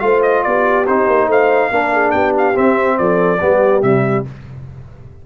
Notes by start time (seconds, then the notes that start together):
0.00 A3 F4 C5 F5
0.22 D#5
0.43 B3 G4 D5
0.87 C4 D#4 C5
1.07 A#3
1.28 A3 C5 F5
1.71 A#3 D4 A#4
1.94 G#4
2.11 B3 G4 G5
2.38 F5
2.54 C4 E5
2.98 F3 A4 D5
3.41 G3 B3 G4
3.83 C3 G3 E5